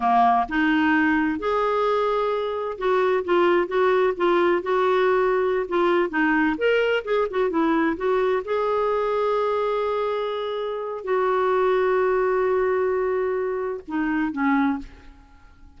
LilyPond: \new Staff \with { instrumentName = "clarinet" } { \time 4/4 \tempo 4 = 130 ais4 dis'2 gis'4~ | gis'2 fis'4 f'4 | fis'4 f'4 fis'2~ | fis'16 f'4 dis'4 ais'4 gis'8 fis'16~ |
fis'16 e'4 fis'4 gis'4.~ gis'16~ | gis'1 | fis'1~ | fis'2 dis'4 cis'4 | }